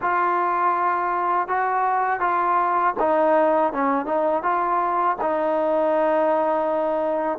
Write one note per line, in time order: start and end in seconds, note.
0.01 1.47 F4
1.47 2.20 F#4
2.20 2.94 F4
2.99 3.72 D#4
3.72 4.05 C#4
4.05 4.42 D#4
4.42 5.16 F4
5.21 7.38 D#4